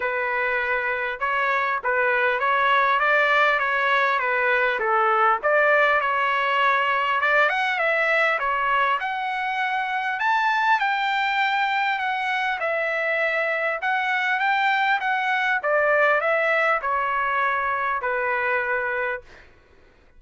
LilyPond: \new Staff \with { instrumentName = "trumpet" } { \time 4/4 \tempo 4 = 100 b'2 cis''4 b'4 | cis''4 d''4 cis''4 b'4 | a'4 d''4 cis''2 | d''8 fis''8 e''4 cis''4 fis''4~ |
fis''4 a''4 g''2 | fis''4 e''2 fis''4 | g''4 fis''4 d''4 e''4 | cis''2 b'2 | }